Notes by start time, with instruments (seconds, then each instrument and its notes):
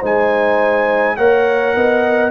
0.00 tuba G#3, trombone D#4, horn C5, trumpet G#5
1.17 tuba A#3, trombone A#4, horn C#5, trumpet F#5
1.76 tuba B3, horn D#5